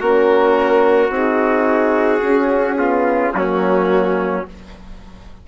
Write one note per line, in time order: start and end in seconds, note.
0.00 1.10 A#3
0.00 1.09 C#4
0.00 2.78 F#4
0.00 1.12 A#4
1.09 2.21 C4
1.09 2.21 D#4
1.16 3.36 G#4
2.21 2.76 C#4
2.21 3.34 C#4
2.78 3.34 B3
2.78 3.34 F4
3.34 4.46 F#3
3.34 4.45 A#3
3.34 4.48 C#4
3.34 4.47 F#4